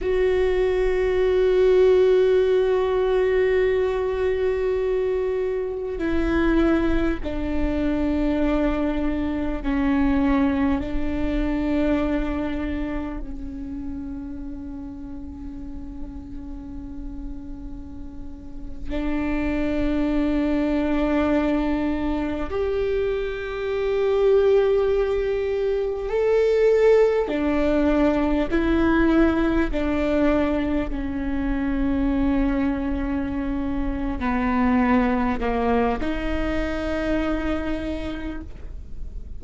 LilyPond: \new Staff \with { instrumentName = "viola" } { \time 4/4 \tempo 4 = 50 fis'1~ | fis'4 e'4 d'2 | cis'4 d'2 cis'4~ | cis'2.~ cis'8. d'16~ |
d'2~ d'8. g'4~ g'16~ | g'4.~ g'16 a'4 d'4 e'16~ | e'8. d'4 cis'2~ cis'16~ | cis'8 b4 ais8 dis'2 | }